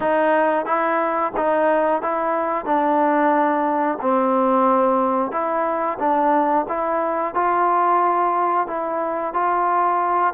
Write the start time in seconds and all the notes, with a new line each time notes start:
0.00 D#4
0.65 E4
1.36 D#4
2.02 E4
2.65 D4
4.01 C4
5.31 E4
5.99 D4
6.68 E4
7.34 F4
8.67 E4
9.33 F4